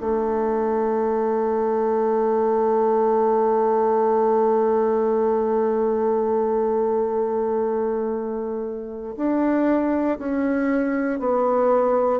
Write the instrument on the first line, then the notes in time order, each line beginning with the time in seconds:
bassoon
0.00 A3
9.16 D4
10.18 C#4
11.19 B3